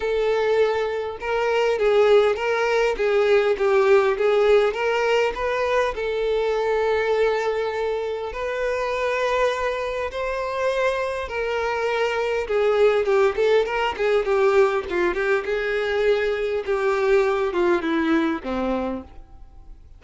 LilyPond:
\new Staff \with { instrumentName = "violin" } { \time 4/4 \tempo 4 = 101 a'2 ais'4 gis'4 | ais'4 gis'4 g'4 gis'4 | ais'4 b'4 a'2~ | a'2 b'2~ |
b'4 c''2 ais'4~ | ais'4 gis'4 g'8 a'8 ais'8 gis'8 | g'4 f'8 g'8 gis'2 | g'4. f'8 e'4 c'4 | }